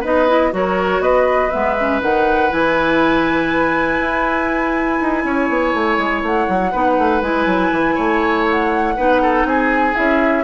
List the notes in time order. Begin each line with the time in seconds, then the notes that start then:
0.00 B3 D#4 B4 D#5
0.28 E4
0.51 F#3 F#4 A#4 C#5
1.00 B3 B4 D#5
1.50 G#3 B3 E5
1.80 C#4
2.01 D#3 D#4 F#5
2.49 E3 E4 G#5
4.00 E4
5.01 D#4
5.24 C#4 C#5
5.49 B3
5.73 A3
5.98 G#3
6.22 A3 F#5
6.48 F#3
6.71 B3 D#4 B4
6.98 A3
7.21 G#3 E4 G#5
7.46 F#3
7.72 E3
7.95 A3 C#5
8.50 F#5
8.96 B3 D#4 B4
9.22 A4
9.44 C4 G#4 G#5
9.94 C#4 E4 E5